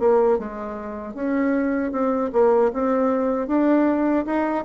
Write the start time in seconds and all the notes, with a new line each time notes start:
0.00 A#3
0.39 G#3
1.14 C#4
1.92 C4
2.33 A#3
2.73 C4
3.48 D4
4.26 D#4